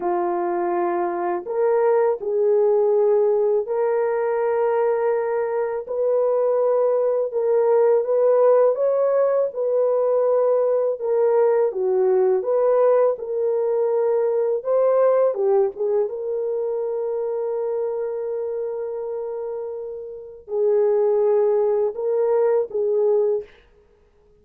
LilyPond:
\new Staff \with { instrumentName = "horn" } { \time 4/4 \tempo 4 = 82 f'2 ais'4 gis'4~ | gis'4 ais'2. | b'2 ais'4 b'4 | cis''4 b'2 ais'4 |
fis'4 b'4 ais'2 | c''4 g'8 gis'8 ais'2~ | ais'1 | gis'2 ais'4 gis'4 | }